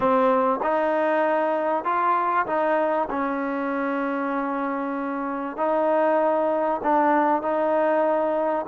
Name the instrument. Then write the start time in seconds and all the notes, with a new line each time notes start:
trombone
0.00 C4
0.62 D#4
1.84 F4
2.46 D#4
3.09 C#4
5.57 D#4
6.83 D4
7.41 D#4